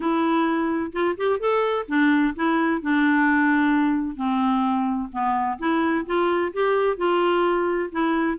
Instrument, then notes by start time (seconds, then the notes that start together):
clarinet
0.00 E4
0.92 F4
1.17 G4
1.39 A4
1.88 D4
2.35 E4
2.81 D4
4.16 C4
5.11 B3
5.59 E4
6.05 F4
6.53 G4
6.97 F4
7.91 E4